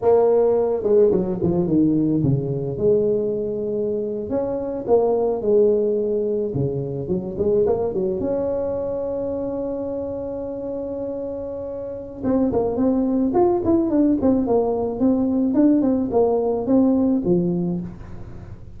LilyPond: \new Staff \with { instrumentName = "tuba" } { \time 4/4 \tempo 4 = 108 ais4. gis8 fis8 f8 dis4 | cis4 gis2~ gis8. cis'16~ | cis'8. ais4 gis2 cis16~ | cis8. fis8 gis8 ais8 fis8 cis'4~ cis'16~ |
cis'1~ | cis'2 c'8 ais8 c'4 | f'8 e'8 d'8 c'8 ais4 c'4 | d'8 c'8 ais4 c'4 f4 | }